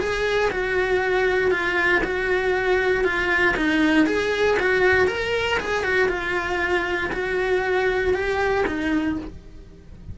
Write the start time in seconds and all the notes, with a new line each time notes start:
0.00 G#4
0.51 F#4
1.52 F4
2.04 F#4
3.05 F4
3.57 D#4
4.07 G#4
4.60 F#4
5.08 A#4
5.60 G#4
5.84 F#4
6.09 F4
7.13 F#4
8.14 G4
8.67 D#4